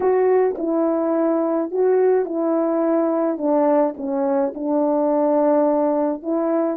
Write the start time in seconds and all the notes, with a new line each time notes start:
0.00 F#4
0.58 E4
1.71 F#4
2.25 E4
3.37 D4
3.96 C#4
4.54 D4
6.22 E4